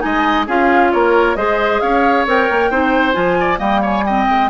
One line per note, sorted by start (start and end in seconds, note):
0.00 0.48 G#3
0.00 0.45 D#4
0.00 0.47 D#5
0.00 0.45 G#5
0.47 0.92 C#4
0.47 1.38 F4
0.47 0.92 G#4
0.47 0.92 F5
0.92 1.36 A#3
0.92 1.37 A#4
0.92 1.36 C#5
1.36 1.81 G#3
1.36 2.27 G#4
1.36 1.82 C5
1.36 1.81 D#5
1.81 2.26 C#4
1.81 2.71 C#5
1.81 2.26 F5
2.26 2.49 C4
2.26 2.72 A#4
2.26 3.13 G5
2.50 2.70 A#3
2.70 3.15 C4
2.70 3.14 D#4
2.70 3.38 C5
3.13 3.60 F3
3.13 3.57 F4
3.13 3.58 G#5
3.40 3.59 D5
3.57 4.27 G3
3.57 4.02 A#3
3.57 3.81 D#5
3.57 3.83 G5
3.82 4.04 C#5
3.82 4.06 G#5
4.06 4.50 C4
4.06 4.50 D#5
4.06 4.50 G5
4.29 4.50 G#3